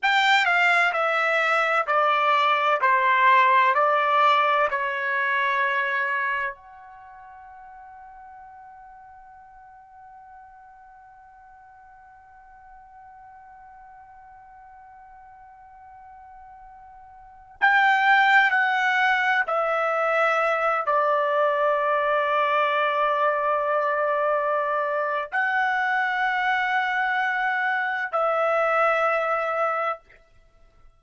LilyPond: \new Staff \with { instrumentName = "trumpet" } { \time 4/4 \tempo 4 = 64 g''8 f''8 e''4 d''4 c''4 | d''4 cis''2 fis''4~ | fis''1~ | fis''1~ |
fis''2~ fis''8. g''4 fis''16~ | fis''8. e''4. d''4.~ d''16~ | d''2. fis''4~ | fis''2 e''2 | }